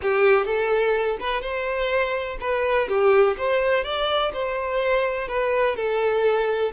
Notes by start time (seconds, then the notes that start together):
0.02 G4
0.45 A4
1.20 B4
1.41 C5
2.40 B4
2.88 G4
3.37 C5
3.84 D5
4.33 C5
5.28 B4
5.76 A4